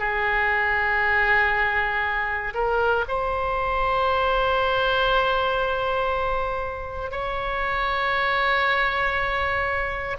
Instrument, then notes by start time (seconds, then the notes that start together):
oboe
0.00 G#4
2.55 A#4
3.08 C5
7.12 C#5